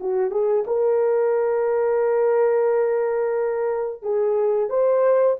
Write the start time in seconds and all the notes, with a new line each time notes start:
0.00 F#4
0.30 G#4
0.66 A#4
4.02 G#4
4.69 C5